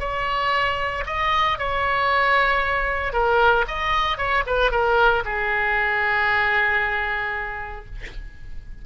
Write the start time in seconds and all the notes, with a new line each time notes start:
0.00 C#5
1.07 D#5
1.59 C#5
3.14 A#4
3.68 D#5
4.18 C#5
4.47 B4
4.72 A#4
5.25 G#4